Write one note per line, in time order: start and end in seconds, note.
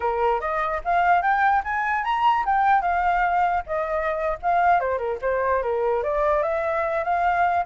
0.00 0.40 A#4
0.40 0.81 D#5
0.84 1.22 F5
1.22 1.62 G5
1.64 2.04 G#5
2.04 2.44 A#5
2.45 2.81 G5
2.81 3.63 F5
3.66 4.37 D#5
4.42 4.79 F5
4.79 4.98 C5
4.98 5.18 A#4
5.21 5.62 C5
5.62 6.03 A#4
6.03 6.42 D5
6.42 7.03 E5
7.03 7.65 F5